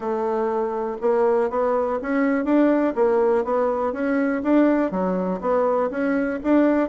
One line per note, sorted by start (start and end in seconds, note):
0.00 0.96 A3
1.01 1.50 A#3
1.50 1.99 B3
2.02 2.44 C#4
2.44 2.94 D4
2.95 3.44 A#3
3.44 3.92 B3
3.92 4.42 C#4
4.43 4.91 D4
4.91 5.40 F#3
5.41 5.90 B3
5.90 6.39 C#4
6.43 6.89 D4